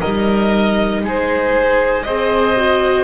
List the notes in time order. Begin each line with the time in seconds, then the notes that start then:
0.00 G3 D#4 A#4 D#5
1.04 G#3 G#4 C5
2.03 C4 G#4 C5 D#5
2.57 F#4